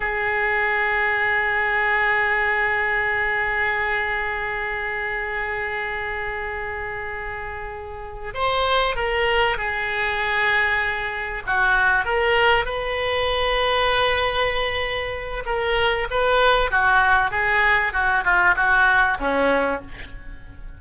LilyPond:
\new Staff \with { instrumentName = "oboe" } { \time 4/4 \tempo 4 = 97 gis'1~ | gis'1~ | gis'1~ | gis'4. c''4 ais'4 gis'8~ |
gis'2~ gis'8 fis'4 ais'8~ | ais'8 b'2.~ b'8~ | b'4 ais'4 b'4 fis'4 | gis'4 fis'8 f'8 fis'4 cis'4 | }